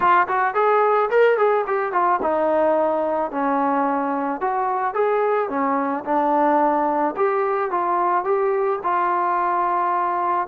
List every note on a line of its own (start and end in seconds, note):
0.00 0.27 F4
0.27 0.54 F#4
0.54 1.09 G#4
1.10 1.37 A#4
1.37 1.65 G#4
1.66 1.92 G4
1.92 2.20 F4
2.21 3.31 D#4
3.31 4.40 C#4
4.40 4.94 F#4
4.94 5.49 G#4
5.49 6.04 C#4
6.04 7.14 D4
7.16 7.70 G4
7.70 8.24 F4
8.24 8.79 G4
8.83 10.47 F4